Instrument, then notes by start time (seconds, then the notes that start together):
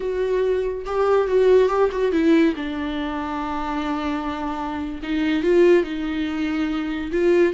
viola
0.00 F#4
0.85 G4
1.27 F#4
1.68 G4
1.91 F#4
2.12 E4
2.56 D4
5.03 D#4
5.43 F4
5.83 D#4
7.11 F4